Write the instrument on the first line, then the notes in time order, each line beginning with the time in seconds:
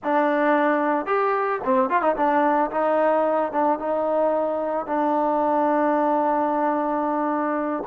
trombone
0.03 D4
1.06 G4
1.64 C4
1.89 F4
2.01 D#4
2.16 D4
2.70 D#4
3.51 D4
3.78 D#4
4.86 D4